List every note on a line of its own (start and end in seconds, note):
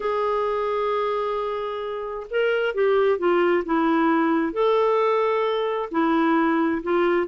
0.00 2.26 G#4
2.30 2.74 A#4
2.74 3.18 G4
3.18 3.63 F4
3.65 4.52 E4
4.52 5.89 A4
5.91 6.82 E4
6.83 7.27 F4